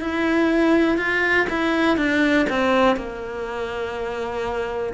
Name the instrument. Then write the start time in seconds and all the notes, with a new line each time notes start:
cello
0.00 E4
0.97 F4
1.49 E4
1.97 D4
2.49 C4
2.96 A#3